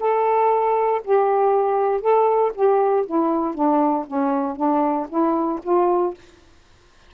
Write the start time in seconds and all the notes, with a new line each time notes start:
0.00 A4
1.04 G4
2.01 A4
2.55 G4
3.06 E4
3.55 D4
4.07 C#4
4.56 D4
5.09 E4
5.63 F4